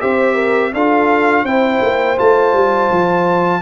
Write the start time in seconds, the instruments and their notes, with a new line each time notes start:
0.00 tuba C4, trombone G4, horn C5, trumpet E5
0.34 horn A#4
0.73 tuba D4, trombone F4, horn A4, trumpet F5
1.43 tuba C4, trombone E4, horn C5, trumpet G5
1.81 tuba A#3
2.17 tuba A3, trombone F4, trumpet A5
2.53 tuba G3
2.90 tuba F3